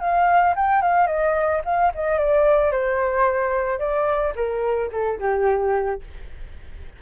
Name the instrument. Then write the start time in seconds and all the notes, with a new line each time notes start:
flute
0.00 F5
0.56 G5
0.82 F5
1.07 D#5
1.65 F5
1.95 D#5
2.18 D5
2.72 C5
3.79 D5
4.36 A#4
4.92 A4
5.20 G4